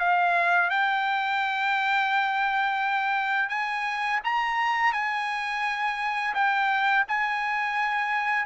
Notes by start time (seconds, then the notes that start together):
0.00 F5
0.71 G5
3.50 G#5
4.25 A#5
4.93 G#5
6.35 G5
7.08 G#5